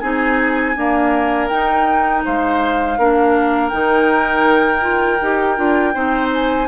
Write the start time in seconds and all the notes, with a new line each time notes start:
0.00 C4 D#4 G#4 G#5
0.76 A#3 D4 A#4
1.49 D#4 G5
2.25 G#3 C5 F5
2.98 A#3 D4 A#4
3.69 D#3 D#4 G5
4.81 F4
5.21 D#4 G4
5.57 D4 F4
5.94 C4 D#4 C5
6.34 G#5